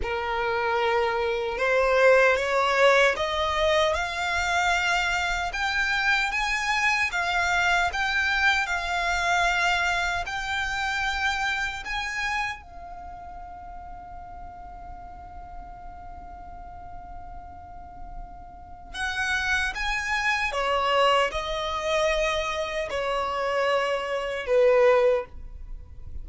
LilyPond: \new Staff \with { instrumentName = "violin" } { \time 4/4 \tempo 4 = 76 ais'2 c''4 cis''4 | dis''4 f''2 g''4 | gis''4 f''4 g''4 f''4~ | f''4 g''2 gis''4 |
f''1~ | f''1 | fis''4 gis''4 cis''4 dis''4~ | dis''4 cis''2 b'4 | }